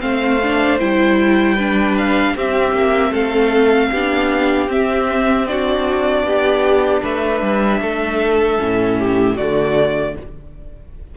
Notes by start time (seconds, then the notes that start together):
0.00 A3 C4 C5 F5
0.43 D4
0.79 G3 E4 G5
1.55 D4 B4
1.97 F5
2.35 C4 G4 E5
2.72 A#3
3.11 A3 A4 F5
3.92 B3 D4 G4
4.68 C4 E5
5.47 D4 F#4 D5
6.23 B3 G4
7.02 A3 B4 E5
7.42 G3
7.81 A3 A4
8.58 A2 C#4
8.99 G4
9.36 D3 A3 F#4 D5